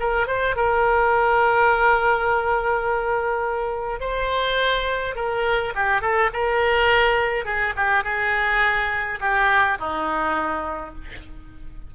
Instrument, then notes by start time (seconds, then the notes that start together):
oboe
0.00 A#4
0.27 C5
0.56 A#4
4.00 C5
5.16 A#4
5.75 G4
6.01 A4
6.33 A#4
7.45 G#4
7.76 G4
8.04 G#4
9.20 G4
9.79 D#4